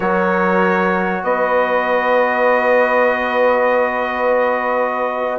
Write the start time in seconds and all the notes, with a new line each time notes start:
0.00 F#3 F#4 A#4 C#5
1.23 B3 B4 D#5